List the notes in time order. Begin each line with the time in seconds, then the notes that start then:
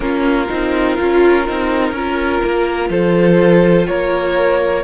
0.00 A#3 C#4 F4 A#4
0.49 C4 D#4
0.97 C#4 F4
1.46 C4 D#4
1.91 C#4 F4 A#4
2.44 A#3
2.89 F3 A4 C5
3.87 A#3 A#4 C#5